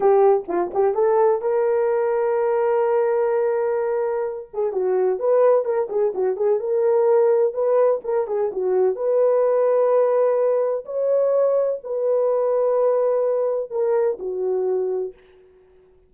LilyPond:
\new Staff \with { instrumentName = "horn" } { \time 4/4 \tempo 4 = 127 g'4 f'8 g'8 a'4 ais'4~ | ais'1~ | ais'4. gis'8 fis'4 b'4 | ais'8 gis'8 fis'8 gis'8 ais'2 |
b'4 ais'8 gis'8 fis'4 b'4~ | b'2. cis''4~ | cis''4 b'2.~ | b'4 ais'4 fis'2 | }